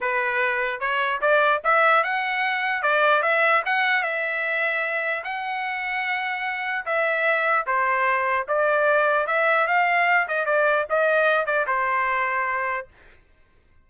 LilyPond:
\new Staff \with { instrumentName = "trumpet" } { \time 4/4 \tempo 4 = 149 b'2 cis''4 d''4 | e''4 fis''2 d''4 | e''4 fis''4 e''2~ | e''4 fis''2.~ |
fis''4 e''2 c''4~ | c''4 d''2 e''4 | f''4. dis''8 d''4 dis''4~ | dis''8 d''8 c''2. | }